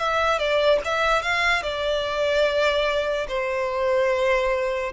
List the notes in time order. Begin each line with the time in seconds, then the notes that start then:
0.00 E5
0.39 D5
0.85 E5
1.23 F5
1.63 D5
3.28 C5